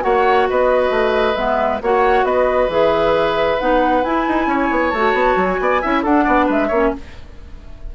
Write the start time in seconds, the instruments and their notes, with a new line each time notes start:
0.00 bassoon A#3, clarinet F#4, oboe C#5, flute F#5
0.49 bassoon B3, oboe B4, flute D#5
0.90 bassoon A3
1.35 bassoon G#3, clarinet B3, flute E5
1.81 bassoon A#3, clarinet F#4, oboe C#5, flute F#5
2.23 bassoon B3, oboe B4, flute D#5
2.68 bassoon E3, clarinet G#4, flute E5
3.59 bassoon B3, clarinet D#4, flute F#5
4.03 bassoon E4, clarinet E4, flute G#5
4.27 bassoon D#4
4.46 bassoon C#4, oboe C#5
4.70 bassoon B3
4.90 bassoon A3, clarinet F#4, flute A5
5.13 bassoon B3
5.36 bassoon F#3
5.46 flute G#5
5.60 bassoon B3, oboe D5
5.81 bassoon C#4, clarinet E4, oboe E5
6.03 bassoon D4, clarinet D4, oboe A4, flute F#5
6.24 bassoon B3, oboe D5
6.45 bassoon G#3, oboe B4, flute E5
6.67 bassoon A#3, clarinet C#4, oboe C#5